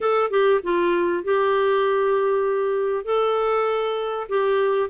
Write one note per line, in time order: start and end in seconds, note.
0.01 0.30 A4
0.30 0.60 G4
0.63 1.24 F4
1.24 3.04 G4
3.04 4.27 A4
4.29 4.90 G4